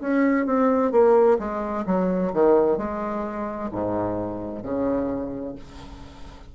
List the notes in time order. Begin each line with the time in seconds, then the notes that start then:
0.00 C#4
0.46 C4
0.91 A#3
1.38 G#3
1.86 F#3
2.33 D#3
2.77 G#3
3.71 G#2
4.62 C#3